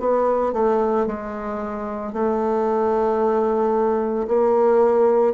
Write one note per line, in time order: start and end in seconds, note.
0.00 0.53 B3
0.53 1.07 A3
1.07 2.13 G#3
2.13 4.27 A3
4.28 5.34 A#3